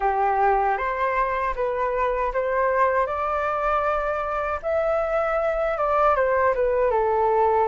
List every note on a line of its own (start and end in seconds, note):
0.00 0.77 G4
0.77 1.54 C5
1.55 2.32 B4
2.33 3.06 C5
3.06 4.60 D5
4.62 5.77 E5
5.77 6.15 D5
6.15 6.53 C5
6.55 6.90 B4
6.90 7.67 A4